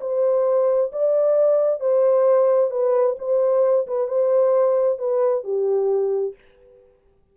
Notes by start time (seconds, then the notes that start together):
0.00 C5
0.92 D5
1.80 C5
2.70 B4
3.18 C5
3.87 B4
4.07 C5
4.98 B4
5.43 G4